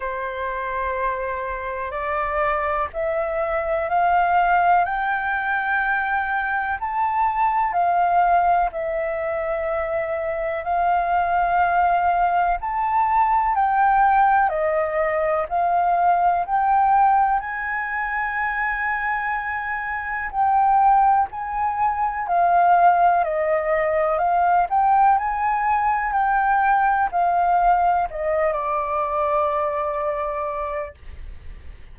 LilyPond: \new Staff \with { instrumentName = "flute" } { \time 4/4 \tempo 4 = 62 c''2 d''4 e''4 | f''4 g''2 a''4 | f''4 e''2 f''4~ | f''4 a''4 g''4 dis''4 |
f''4 g''4 gis''2~ | gis''4 g''4 gis''4 f''4 | dis''4 f''8 g''8 gis''4 g''4 | f''4 dis''8 d''2~ d''8 | }